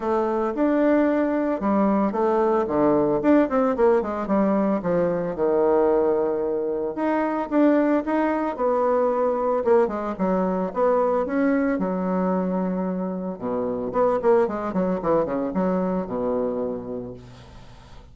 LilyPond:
\new Staff \with { instrumentName = "bassoon" } { \time 4/4 \tempo 4 = 112 a4 d'2 g4 | a4 d4 d'8 c'8 ais8 gis8 | g4 f4 dis2~ | dis4 dis'4 d'4 dis'4 |
b2 ais8 gis8 fis4 | b4 cis'4 fis2~ | fis4 b,4 b8 ais8 gis8 fis8 | e8 cis8 fis4 b,2 | }